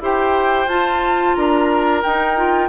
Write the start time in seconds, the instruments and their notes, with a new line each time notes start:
0.00 bassoon E4, clarinet G4, oboe C5, flute G5
0.66 bassoon F4, clarinet F4, flute A5
1.35 bassoon D4, oboe A#4, flute A#5
2.03 clarinet D#4, bassoon D#4, flute G5
2.36 clarinet F4